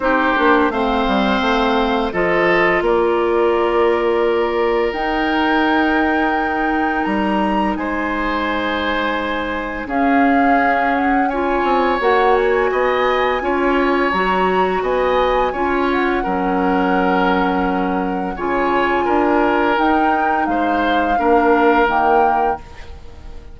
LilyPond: <<
  \new Staff \with { instrumentName = "flute" } { \time 4/4 \tempo 4 = 85 c''4 f''2 dis''4 | d''2. g''4~ | g''2 ais''4 gis''4~ | gis''2 f''4. fis''8 |
gis''4 fis''8 gis''2~ gis''8 | ais''4 gis''4. fis''4.~ | fis''2 gis''2 | g''4 f''2 g''4 | }
  \new Staff \with { instrumentName = "oboe" } { \time 4/4 g'4 c''2 a'4 | ais'1~ | ais'2. c''4~ | c''2 gis'2 |
cis''2 dis''4 cis''4~ | cis''4 dis''4 cis''4 ais'4~ | ais'2 cis''4 ais'4~ | ais'4 c''4 ais'2 | }
  \new Staff \with { instrumentName = "clarinet" } { \time 4/4 dis'8 d'8 c'2 f'4~ | f'2. dis'4~ | dis'1~ | dis'2 cis'2 |
f'4 fis'2 f'4 | fis'2 f'4 cis'4~ | cis'2 f'2 | dis'2 d'4 ais4 | }
  \new Staff \with { instrumentName = "bassoon" } { \time 4/4 c'8 ais8 a8 g8 a4 f4 | ais2. dis'4~ | dis'2 g4 gis4~ | gis2 cis'2~ |
cis'8 c'8 ais4 b4 cis'4 | fis4 b4 cis'4 fis4~ | fis2 cis4 d'4 | dis'4 gis4 ais4 dis4 | }
>>